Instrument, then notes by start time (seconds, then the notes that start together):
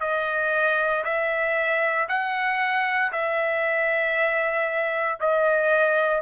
trumpet
0.00 D#5
1.04 E5
2.08 F#5
3.12 E5
5.20 D#5